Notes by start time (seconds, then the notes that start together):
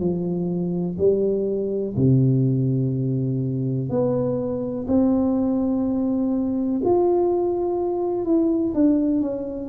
0.00 F3
0.98 G3
1.96 C3
3.89 B3
4.88 C4
6.84 F4
8.25 E4
8.74 D4
9.21 C#4